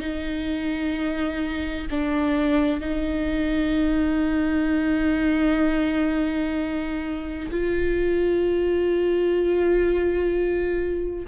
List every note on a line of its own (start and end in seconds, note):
0.00 1.87 D#4
1.90 2.81 D4
2.81 7.50 D#4
7.51 11.26 F4